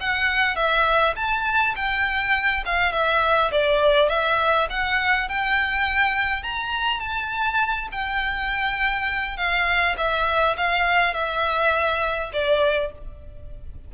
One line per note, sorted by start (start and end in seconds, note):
0.00 0.56 F#5
0.56 1.14 E5
1.16 1.74 A5
1.75 2.64 G5
2.65 2.92 F5
2.92 3.51 E5
3.51 4.09 D5
4.09 4.67 E5
4.70 5.28 F#5
5.28 6.43 G5
6.43 6.99 A#5
6.99 7.88 A5
7.92 9.37 G5
9.37 9.95 F5
9.97 10.56 E5
10.57 11.14 F5
11.14 12.31 E5
12.33 12.92 D5